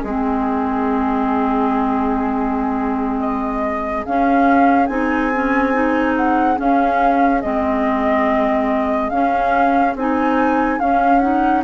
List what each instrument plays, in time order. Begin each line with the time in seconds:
0.00 bassoon G#3, clarinet C4, oboe G#4, flute G#4
3.20 flute D#5
4.05 clarinet C#4, bassoon C#4, flute F5
4.87 bassoon C4, clarinet D#4, flute G#5
5.35 clarinet C#4
5.74 clarinet D#4
6.17 flute F#5
6.57 clarinet C#4, bassoon C#4, flute F5
7.42 bassoon G#3, clarinet C4, flute D#5
9.10 bassoon C#4, clarinet C#4, flute F5
9.95 bassoon C4, clarinet D#4, flute G#5
10.80 clarinet C#4, bassoon C#4, flute F5
11.20 clarinet D#4, flute F#5